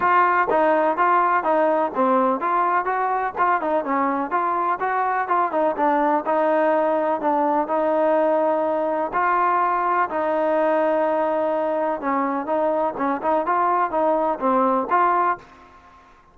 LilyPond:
\new Staff \with { instrumentName = "trombone" } { \time 4/4 \tempo 4 = 125 f'4 dis'4 f'4 dis'4 | c'4 f'4 fis'4 f'8 dis'8 | cis'4 f'4 fis'4 f'8 dis'8 | d'4 dis'2 d'4 |
dis'2. f'4~ | f'4 dis'2.~ | dis'4 cis'4 dis'4 cis'8 dis'8 | f'4 dis'4 c'4 f'4 | }